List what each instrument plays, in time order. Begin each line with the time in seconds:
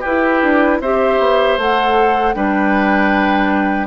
0.00 bassoon E4, clarinet E4, oboe G4, flute B4
0.42 bassoon D4
0.80 bassoon C4, clarinet G4, oboe C5, flute E5
1.19 bassoon B3
1.57 bassoon A3, clarinet A4, flute F#5
2.34 bassoon G3, clarinet D4, oboe B4, flute G5